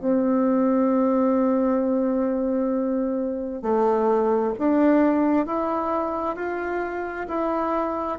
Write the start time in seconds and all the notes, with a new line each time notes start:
0.00 C4
3.62 A3
4.58 D4
5.46 E4
6.36 F4
7.28 E4